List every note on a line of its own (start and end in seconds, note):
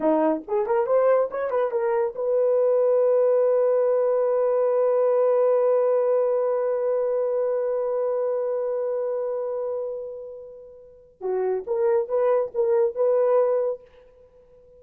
0.00 0.42 D#4
0.47 0.66 G#4
0.66 0.86 A#4
0.86 1.29 C5
1.30 1.50 C#5
1.50 1.71 B4
1.71 2.14 A#4
2.15 11.20 B4
11.20 11.63 F#4
11.66 12.08 A#4
12.08 12.51 B4
12.54 12.95 A#4
12.95 13.81 B4